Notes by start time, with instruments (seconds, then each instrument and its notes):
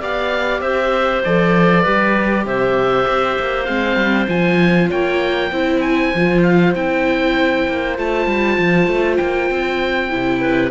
0.00 cello B3, viola G4, clarinet D5, oboe F5
0.61 cello C4, clarinet C5, oboe E5
1.24 cello F3, viola A4, oboe D5
1.82 cello G3, viola G4, clarinet B4
2.46 cello C3, clarinet C5, oboe E5
3.08 cello C4
3.40 cello A#3
3.65 cello G#3, viola C4, oboe F5
3.96 cello G3
4.28 cello F3, viola F4, oboe G#5
4.90 cello A#3, clarinet C#5, oboe G5
5.51 cello C4, viola E4, clarinet C5
5.81 oboe G#5
6.15 cello F3, viola F4
6.43 oboe F5
6.75 cello C4, viola E4, oboe G5
7.69 cello A#3
7.97 cello A3, viola F4, oboe A5
8.27 cello G3
8.58 cello F3
8.88 cello A3
9.17 cello A#3, oboe G5
9.51 cello C4
10.10 cello C3, viola E4
10.41 clarinet B4